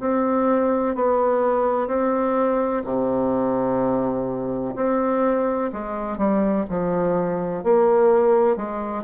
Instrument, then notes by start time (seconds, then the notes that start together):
bassoon
0.00 C4
0.95 B3
1.88 C4
2.84 C3
4.76 C4
5.73 G#3
6.18 G3
6.70 F3
7.64 A#3
8.57 G#3